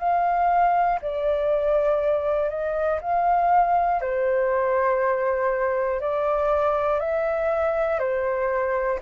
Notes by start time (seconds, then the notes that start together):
0.00 F5
1.02 D5
2.50 D#5
3.01 F5
4.01 C5
6.01 D5
7.00 E5
8.00 C5